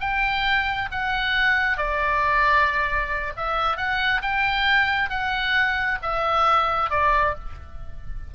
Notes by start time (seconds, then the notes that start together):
0.00 G5
0.91 F#5
1.77 D5
3.36 E5
3.77 F#5
4.22 G5
5.09 F#5
6.02 E5
6.90 D5